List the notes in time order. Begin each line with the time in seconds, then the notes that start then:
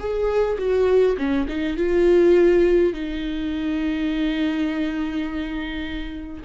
0.00 G#4
0.59 F#4
1.18 C#4
1.49 D#4
1.77 F4
2.94 D#4